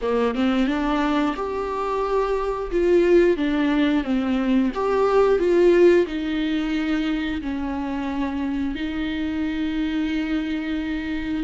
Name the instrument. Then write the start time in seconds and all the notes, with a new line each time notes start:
viola
0.01 A#3
0.35 C4
0.67 D4
1.35 G4
2.71 F4
3.36 D4
4.04 C4
4.74 G4
5.38 F4
6.06 D#4
7.41 C#4
8.75 D#4